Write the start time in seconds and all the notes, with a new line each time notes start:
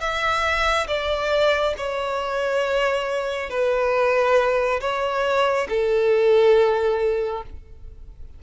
0.00 E5
0.87 D5
1.77 C#5
3.49 B4
4.80 C#5
5.69 A4